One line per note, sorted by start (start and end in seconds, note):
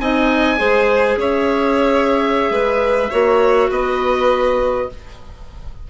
0.00 0.60 C4
0.00 0.58 D#4
0.00 0.59 D#5
0.00 1.19 G#5
0.58 1.17 G#3
0.58 3.10 G#4
0.58 1.18 C5
1.17 2.50 C#4
1.17 2.52 C#5
1.17 3.72 E5
2.50 3.10 G#3
2.50 3.11 B4
3.11 3.70 A#3
3.11 4.90 F#4
3.11 3.70 C#5
3.70 4.88 B3
3.70 4.89 B4
3.70 4.90 D#5